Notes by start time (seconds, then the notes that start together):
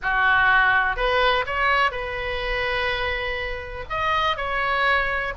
0.02 F#4
0.96 B4
1.46 C#5
1.91 B4
3.89 D#5
4.37 C#5